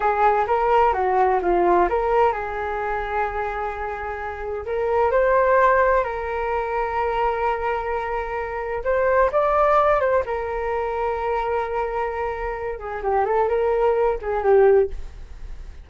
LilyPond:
\new Staff \with { instrumentName = "flute" } { \time 4/4 \tempo 4 = 129 gis'4 ais'4 fis'4 f'4 | ais'4 gis'2.~ | gis'2 ais'4 c''4~ | c''4 ais'2.~ |
ais'2. c''4 | d''4. c''8 ais'2~ | ais'2.~ ais'8 gis'8 | g'8 a'8 ais'4. gis'8 g'4 | }